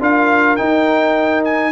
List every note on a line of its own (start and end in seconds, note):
0.00 0.58 D4
0.00 0.58 F4
0.00 1.72 A#4
0.00 0.56 F5
0.56 1.72 D#4
0.56 1.43 G5
1.44 1.72 G#5